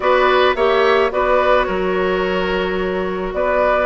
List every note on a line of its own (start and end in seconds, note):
0.00 0.54 B3
0.00 0.55 F#4
0.00 0.56 B4
0.00 0.55 D5
0.55 1.11 A#3
0.55 1.10 G4
0.55 1.11 C#5
0.55 1.10 E5
1.10 1.67 B3
1.10 3.85 F#4
1.10 1.66 B4
1.10 1.63 D5
1.63 3.33 F#3
1.63 3.33 A#4
1.63 3.30 C#5
3.33 3.85 B3
3.33 3.85 B4
3.33 3.85 D5